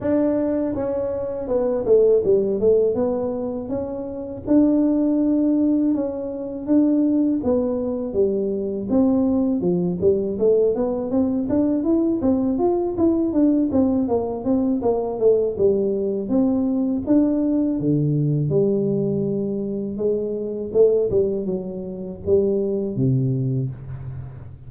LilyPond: \new Staff \with { instrumentName = "tuba" } { \time 4/4 \tempo 4 = 81 d'4 cis'4 b8 a8 g8 a8 | b4 cis'4 d'2 | cis'4 d'4 b4 g4 | c'4 f8 g8 a8 b8 c'8 d'8 |
e'8 c'8 f'8 e'8 d'8 c'8 ais8 c'8 | ais8 a8 g4 c'4 d'4 | d4 g2 gis4 | a8 g8 fis4 g4 c4 | }